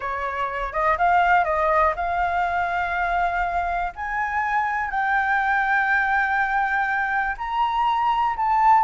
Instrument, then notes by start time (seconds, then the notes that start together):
flute
0.00 C#5
0.72 D#5
0.98 F5
1.44 D#5
1.96 F5
3.95 G#5
4.90 G5
7.37 A#5
8.36 A5